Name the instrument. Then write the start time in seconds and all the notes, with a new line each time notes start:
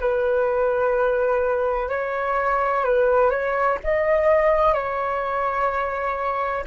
flute
0.00 B4
1.89 C#5
2.84 B4
3.30 C#5
3.84 D#5
4.74 C#5